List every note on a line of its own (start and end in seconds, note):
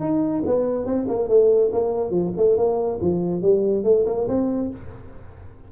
0.00 0.42 D#4
0.46 0.85 B3
0.85 1.06 C4
1.08 1.28 A#3
1.28 1.71 A3
1.72 2.10 A#3
2.10 2.31 F3
2.36 2.57 A3
2.57 2.99 A#3
3.01 3.42 F3
3.42 3.84 G3
3.84 4.05 A3
4.06 4.27 A#3
4.28 4.70 C4